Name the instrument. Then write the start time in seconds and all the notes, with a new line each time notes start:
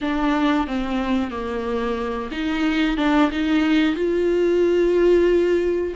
viola
0.01 D4
0.67 C4
1.30 A#3
2.31 D#4
2.97 D4
3.31 D#4
3.95 F4